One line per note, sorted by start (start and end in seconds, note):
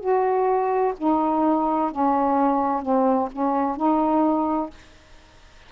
0.00 0.94 F#4
0.98 1.91 D#4
1.91 2.82 C#4
2.82 3.29 C4
3.32 3.76 C#4
3.76 4.70 D#4